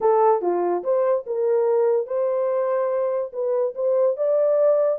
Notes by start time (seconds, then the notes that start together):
0.00 A4
0.41 F4
0.83 C5
1.26 A#4
2.06 C5
3.32 B4
3.75 C5
4.17 D5